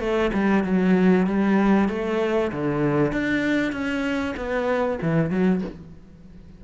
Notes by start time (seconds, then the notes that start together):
0.00 A3
0.34 G3
0.64 F#3
1.27 G3
1.89 A3
2.52 D3
3.12 D4
3.72 C#4
4.37 B3
5.02 E3
5.31 F#3